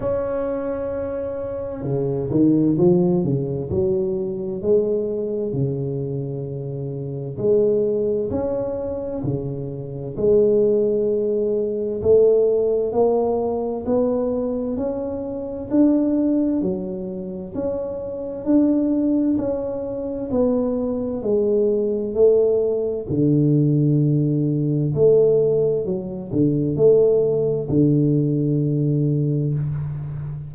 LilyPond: \new Staff \with { instrumentName = "tuba" } { \time 4/4 \tempo 4 = 65 cis'2 cis8 dis8 f8 cis8 | fis4 gis4 cis2 | gis4 cis'4 cis4 gis4~ | gis4 a4 ais4 b4 |
cis'4 d'4 fis4 cis'4 | d'4 cis'4 b4 gis4 | a4 d2 a4 | fis8 d8 a4 d2 | }